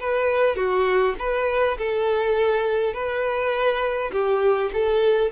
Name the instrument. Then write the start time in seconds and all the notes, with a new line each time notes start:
violin
0.00 B4
0.56 F#4
1.19 B4
1.78 A4
2.94 B4
4.12 G4
4.74 A4